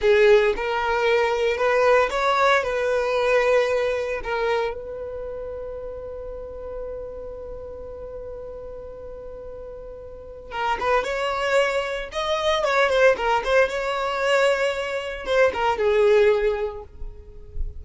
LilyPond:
\new Staff \with { instrumentName = "violin" } { \time 4/4 \tempo 4 = 114 gis'4 ais'2 b'4 | cis''4 b'2. | ais'4 b'2.~ | b'1~ |
b'1 | ais'8 b'8 cis''2 dis''4 | cis''8 c''8 ais'8 c''8 cis''2~ | cis''4 c''8 ais'8 gis'2 | }